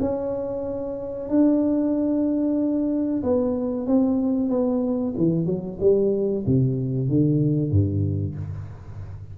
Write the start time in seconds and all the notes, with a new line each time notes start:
0.00 C#4
1.29 D4
3.23 B3
3.87 C4
4.49 B3
5.17 E3
5.46 F#3
5.80 G3
6.46 C3
7.09 D3
7.71 G2